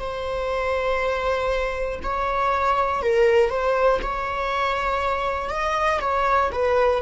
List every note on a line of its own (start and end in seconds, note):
0.00 2.00 C5
2.03 3.02 C#5
3.02 3.50 A#4
3.50 4.00 C5
4.02 5.50 C#5
5.50 6.00 D#5
6.00 6.50 C#5
6.52 7.02 B4